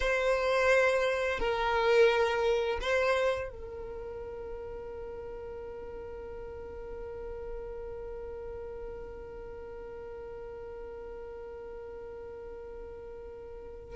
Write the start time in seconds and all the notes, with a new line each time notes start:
0.00 C5
1.39 A#4
2.81 C5
3.49 A#4